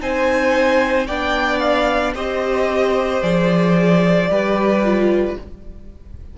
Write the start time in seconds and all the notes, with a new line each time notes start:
0.00 C4 D#4 C5 G#5
1.07 B3 D4 D5 G5
1.59 F5
2.15 C4 G4 C5 D#5
3.22 F3 G#4 D5
4.29 G3 G4 B4
4.84 F4